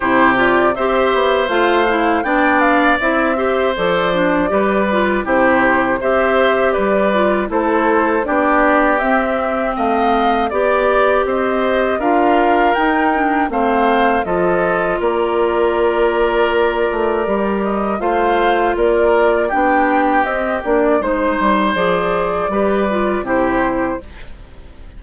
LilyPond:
<<
  \new Staff \with { instrumentName = "flute" } { \time 4/4 \tempo 4 = 80 c''8 d''8 e''4 f''4 g''8 f''8 | e''4 d''2 c''4 | e''4 d''4 c''4 d''4 | e''4 f''4 d''4 dis''4 |
f''4 g''4 f''4 dis''4 | d''2.~ d''8 dis''8 | f''4 d''4 g''4 dis''8 d''8 | c''4 d''2 c''4 | }
  \new Staff \with { instrumentName = "oboe" } { \time 4/4 g'4 c''2 d''4~ | d''8 c''4. b'4 g'4 | c''4 b'4 a'4 g'4~ | g'4 dis''4 d''4 c''4 |
ais'2 c''4 a'4 | ais'1 | c''4 ais'4 g'2 | c''2 b'4 g'4 | }
  \new Staff \with { instrumentName = "clarinet" } { \time 4/4 e'8 f'8 g'4 f'8 e'8 d'4 | e'8 g'8 a'8 d'8 g'8 f'8 e'4 | g'4. f'8 e'4 d'4 | c'2 g'2 |
f'4 dis'8 d'8 c'4 f'4~ | f'2. g'4 | f'2 d'4 c'8 d'8 | dis'4 gis'4 g'8 f'8 e'4 | }
  \new Staff \with { instrumentName = "bassoon" } { \time 4/4 c4 c'8 b8 a4 b4 | c'4 f4 g4 c4 | c'4 g4 a4 b4 | c'4 a4 b4 c'4 |
d'4 dis'4 a4 f4 | ais2~ ais8 a8 g4 | a4 ais4 b4 c'8 ais8 | gis8 g8 f4 g4 c4 | }
>>